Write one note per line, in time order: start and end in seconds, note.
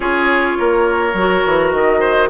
0.00 0.56 C#4
0.00 1.13 F4
0.00 0.58 G#4
0.00 1.71 C#5
0.58 1.13 A#3
0.58 2.00 A#4
1.13 1.42 F#3
1.13 2.30 F#4
1.46 1.73 E3
1.71 2.30 D#3
1.71 2.29 D#5
2.00 2.28 C5